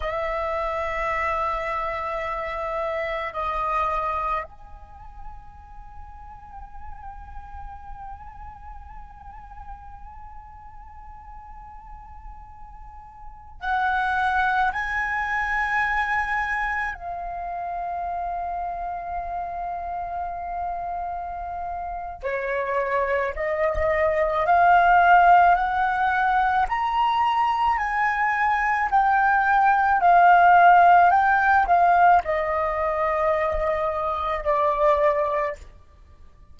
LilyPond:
\new Staff \with { instrumentName = "flute" } { \time 4/4 \tempo 4 = 54 e''2. dis''4 | gis''1~ | gis''1~ | gis''16 fis''4 gis''2 f''8.~ |
f''1 | cis''4 dis''4 f''4 fis''4 | ais''4 gis''4 g''4 f''4 | g''8 f''8 dis''2 d''4 | }